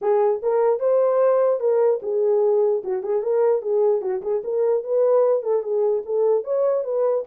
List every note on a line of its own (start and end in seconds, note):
0.01 0.41 G#4
0.42 0.79 A#4
0.79 1.60 C5
1.60 2.00 A#4
2.02 2.82 G#4
2.84 3.02 F#4
3.02 3.22 G#4
3.22 3.62 A#4
3.62 4.01 G#4
4.01 4.21 F#4
4.22 4.42 G#4
4.43 4.83 A#4
4.83 5.43 B4
5.43 5.63 A4
5.63 6.03 G#4
6.05 6.44 A4
6.44 6.84 C#5
6.84 7.24 B4